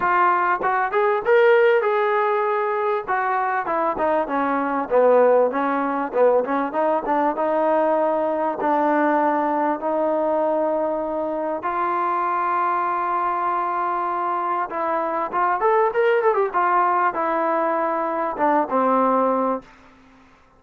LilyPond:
\new Staff \with { instrumentName = "trombone" } { \time 4/4 \tempo 4 = 98 f'4 fis'8 gis'8 ais'4 gis'4~ | gis'4 fis'4 e'8 dis'8 cis'4 | b4 cis'4 b8 cis'8 dis'8 d'8 | dis'2 d'2 |
dis'2. f'4~ | f'1 | e'4 f'8 a'8 ais'8 a'16 g'16 f'4 | e'2 d'8 c'4. | }